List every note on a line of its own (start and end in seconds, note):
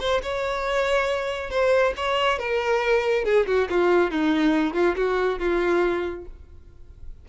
0.00 0.22 C5
0.23 1.50 C#5
1.50 1.94 C5
1.97 2.39 C#5
2.39 3.25 A#4
3.25 3.46 G#4
3.47 3.69 F#4
3.70 4.11 F4
4.11 4.74 D#4
4.74 4.96 F4
4.97 5.39 F#4
5.39 6.26 F4